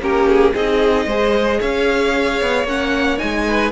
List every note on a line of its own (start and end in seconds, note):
0.00 0.53 A#3
0.00 0.54 C#4
0.00 0.54 G4
0.00 0.29 A#4
0.29 0.56 G#4
0.54 1.06 C4
0.54 1.08 D#4
0.54 1.07 G#4
0.54 1.61 D#5
1.06 1.59 G#3
1.06 2.68 G#4
1.06 1.60 C5
1.61 2.42 C#4
1.61 3.46 C#5
1.61 2.67 F5
2.42 2.64 B3
2.64 3.17 A#3
2.64 3.18 C#4
2.64 3.19 F#5
3.18 3.72 G#3
3.18 3.72 D#4
3.18 3.72 G#5
3.48 3.72 B4